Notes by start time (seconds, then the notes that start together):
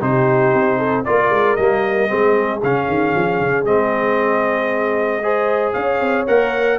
0.00 C3 D#4 G4 C5
0.53 C4
0.78 A4
1.04 A#3 F4 A#4 D5
1.30 G#3
1.56 G3 A#3 D#5
2.08 G#3 C4 G#4
2.62 C#3 C#4 F5
2.88 D#3
3.15 F3
3.40 C#3
3.64 G#3 C4 D#5
5.22 G#4 C5
5.73 C#4 C#5 F5
5.99 C4
6.27 A#3 A#4 F#5